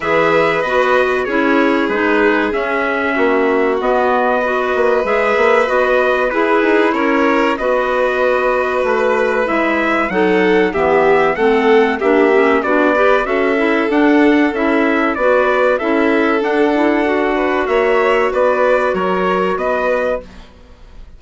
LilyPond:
<<
  \new Staff \with { instrumentName = "trumpet" } { \time 4/4 \tempo 4 = 95 e''4 dis''4 cis''4 b'4 | e''2 dis''2 | e''4 dis''4 b'4 cis''4 | dis''2 b'4 e''4 |
fis''4 e''4 fis''4 e''4 | d''4 e''4 fis''4 e''4 | d''4 e''4 fis''2 | e''4 d''4 cis''4 dis''4 | }
  \new Staff \with { instrumentName = "violin" } { \time 4/4 b'2 gis'2~ | gis'4 fis'2 b'4~ | b'2 gis'4 ais'4 | b'1 |
a'4 g'4 a'4 g'4 | fis'8 b'8 a'2. | b'4 a'2~ a'8 b'8 | cis''4 b'4 ais'4 b'4 | }
  \new Staff \with { instrumentName = "clarinet" } { \time 4/4 gis'4 fis'4 e'4 dis'4 | cis'2 b4 fis'4 | gis'4 fis'4 e'2 | fis'2. e'4 |
dis'4 b4 c'4 d'8 cis'8 | d'8 g'8 fis'8 e'8 d'4 e'4 | fis'4 e'4 d'8 e'8 fis'4~ | fis'1 | }
  \new Staff \with { instrumentName = "bassoon" } { \time 4/4 e4 b4 cis'4 gis4 | cis'4 ais4 b4. ais8 | gis8 ais8 b4 e'8 dis'8 cis'4 | b2 a4 gis4 |
fis4 e4 a4 ais4 | b4 cis'4 d'4 cis'4 | b4 cis'4 d'2 | ais4 b4 fis4 b4 | }
>>